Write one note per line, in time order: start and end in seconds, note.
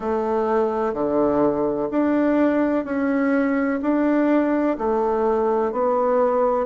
0.00 0.93 A3
0.93 1.88 D3
1.90 2.84 D4
2.84 3.80 C#4
3.81 4.77 D4
4.78 5.71 A3
5.71 6.66 B3